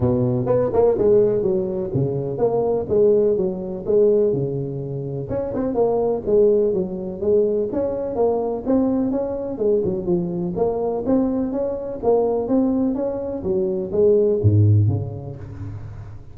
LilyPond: \new Staff \with { instrumentName = "tuba" } { \time 4/4 \tempo 4 = 125 b,4 b8 ais8 gis4 fis4 | cis4 ais4 gis4 fis4 | gis4 cis2 cis'8 c'8 | ais4 gis4 fis4 gis4 |
cis'4 ais4 c'4 cis'4 | gis8 fis8 f4 ais4 c'4 | cis'4 ais4 c'4 cis'4 | fis4 gis4 gis,4 cis4 | }